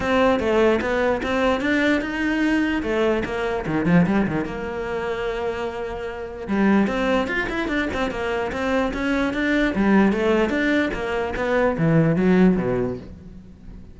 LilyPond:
\new Staff \with { instrumentName = "cello" } { \time 4/4 \tempo 4 = 148 c'4 a4 b4 c'4 | d'4 dis'2 a4 | ais4 dis8 f8 g8 dis8 ais4~ | ais1 |
g4 c'4 f'8 e'8 d'8 c'8 | ais4 c'4 cis'4 d'4 | g4 a4 d'4 ais4 | b4 e4 fis4 b,4 | }